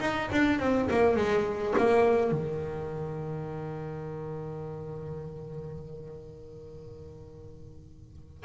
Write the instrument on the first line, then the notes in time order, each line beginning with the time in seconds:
double bass
0.00 D#4
0.32 D4
0.59 C4
0.90 A#3
1.16 G#3
1.77 A#3
2.31 D#3